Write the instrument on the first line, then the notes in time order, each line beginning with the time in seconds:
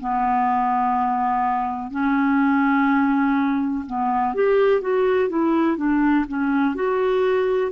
clarinet
0.00 B3
1.91 C#4
3.87 B3
4.35 G4
4.81 F#4
5.30 E4
5.77 D4
6.28 C#4
6.75 F#4